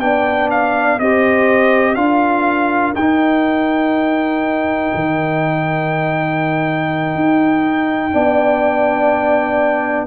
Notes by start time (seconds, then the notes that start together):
0.00 B3 D4 D5 G5
0.51 F5
0.99 C4 G4 C5 D#5
1.95 D4 F4 A#4 F5
2.95 D#4 G5
4.95 D#3
7.15 D#4
8.11 B3 D4 D5